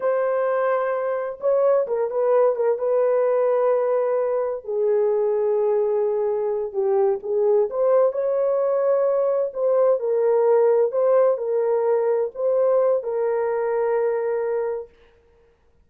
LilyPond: \new Staff \with { instrumentName = "horn" } { \time 4/4 \tempo 4 = 129 c''2. cis''4 | ais'8 b'4 ais'8 b'2~ | b'2 gis'2~ | gis'2~ gis'8 g'4 gis'8~ |
gis'8 c''4 cis''2~ cis''8~ | cis''8 c''4 ais'2 c''8~ | c''8 ais'2 c''4. | ais'1 | }